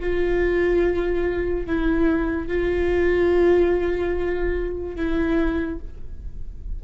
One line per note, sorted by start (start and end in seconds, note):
0.00 1.66 F4
1.66 2.47 E4
2.47 4.96 F4
4.96 5.79 E4